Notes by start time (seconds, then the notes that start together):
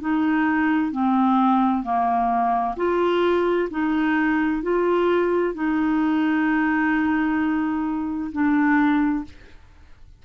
0.00 D#4
0.91 C4
1.83 A#3
2.76 F4
3.70 D#4
4.62 F4
5.54 D#4
8.32 D4